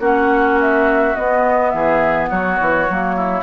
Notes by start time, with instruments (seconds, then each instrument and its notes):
0.00 bassoon A#3, clarinet C#4, oboe F#4, flute F#5
0.61 flute E5
1.15 clarinet B3, bassoon B3, flute D#5
1.70 bassoon E3, oboe G#4, flute E5
2.30 bassoon F#3, oboe F#4, flute C#5
2.60 bassoon E3
2.89 bassoon F#3, clarinet A#3
3.16 oboe E4